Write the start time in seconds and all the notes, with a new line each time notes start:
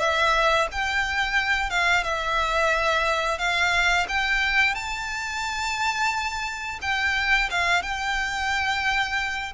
0.00 E5
0.72 G5
1.71 F5
2.04 E5
3.39 F5
4.09 G5
4.75 A5
6.82 G5
7.51 F5
7.83 G5